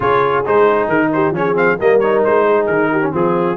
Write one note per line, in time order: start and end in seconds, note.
0.00 0.44 C#3
0.00 0.44 F4
0.00 1.08 G#4
0.00 0.45 C#5
0.45 0.87 G#3
0.45 1.34 D#4
0.45 0.89 C5
0.87 1.30 D#3
0.87 1.11 A#4
1.12 1.36 G4
1.12 1.35 C5
1.30 1.75 F3
1.30 1.54 C#4
1.30 1.78 G#4
1.30 1.57 C#5
1.54 1.76 C4
1.54 1.79 F5
1.78 2.25 G3
1.78 2.02 A#3
1.78 2.45 A#4
1.78 1.99 D#5
1.99 3.02 D#4
1.99 2.22 C#5
2.24 2.68 G#3
2.24 2.66 C5
2.45 2.90 G#4
2.66 3.13 D#3
2.66 3.11 A#4
2.91 3.14 G4
3.02 3.11 C#4
3.11 3.56 F3
3.11 3.56 C4
3.11 3.56 F4
3.11 3.56 G#4